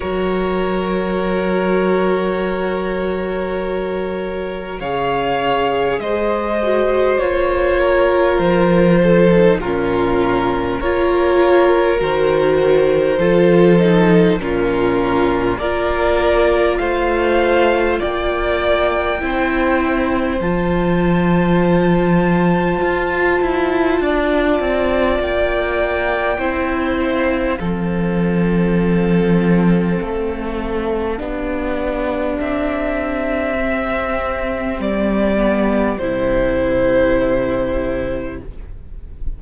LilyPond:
<<
  \new Staff \with { instrumentName = "violin" } { \time 4/4 \tempo 4 = 50 cis''1 | f''4 dis''4 cis''4 c''4 | ais'4 cis''4 c''2 | ais'4 d''4 f''4 g''4~ |
g''4 a''2.~ | a''4 g''4. f''4.~ | f''2. e''4~ | e''4 d''4 c''2 | }
  \new Staff \with { instrumentName = "violin" } { \time 4/4 ais'1 | cis''4 c''4. ais'4 a'8 | f'4 ais'2 a'4 | f'4 ais'4 c''4 d''4 |
c''1 | d''2 c''4 a'4~ | a'2 g'2~ | g'1 | }
  \new Staff \with { instrumentName = "viola" } { \time 4/4 fis'1 | gis'4. fis'8 f'4.~ f'16 dis'16 | cis'4 f'4 fis'4 f'8 dis'8 | cis'4 f'2. |
e'4 f'2.~ | f'2 e'4 c'4~ | c'2 d'2 | c'4. b8 e'2 | }
  \new Staff \with { instrumentName = "cello" } { \time 4/4 fis1 | cis4 gis4 ais4 f4 | ais,4 ais4 dis4 f4 | ais,4 ais4 a4 ais4 |
c'4 f2 f'8 e'8 | d'8 c'8 ais4 c'4 f4~ | f4 a4 b4 c'4~ | c'4 g4 c2 | }
>>